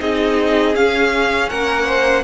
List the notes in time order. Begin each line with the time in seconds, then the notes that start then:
0.00 C4 D#4 G#4 D#5
0.74 C#4 F5
1.49 A#3 A#4 F#5
1.86 C5